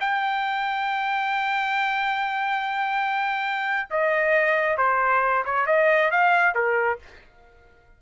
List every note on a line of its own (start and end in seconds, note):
0.00 3.89 G5
3.90 4.77 D#5
4.77 5.44 C5
5.45 5.66 C#5
5.66 6.11 D#5
6.11 6.54 F5
6.54 6.99 A#4